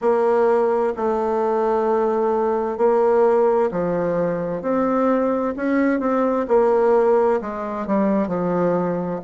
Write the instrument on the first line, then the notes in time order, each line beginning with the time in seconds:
bassoon
0.01 A#3
0.96 A3
2.77 A#3
3.71 F3
4.62 C4
5.56 C#4
6.00 C4
6.48 A#3
7.41 G#3
7.86 G3
8.27 F3